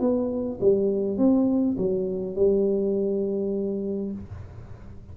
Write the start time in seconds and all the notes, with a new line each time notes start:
0.00 B3
0.61 G3
1.18 C4
1.78 F#3
2.36 G3